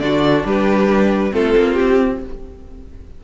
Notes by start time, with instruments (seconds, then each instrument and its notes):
0.00 cello D3, viola D4, violin F#4 D5
0.45 cello G3, violin G4 B4
1.31 cello A3, viola C4, violin F4 A4
1.57 cello A#3
1.74 violin G4
1.81 cello C4